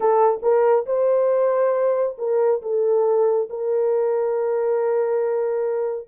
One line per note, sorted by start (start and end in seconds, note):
0.00 0.40 A4
0.42 0.85 A#4
0.85 2.16 C5
2.17 2.61 A#4
2.61 3.48 A4
3.49 6.08 A#4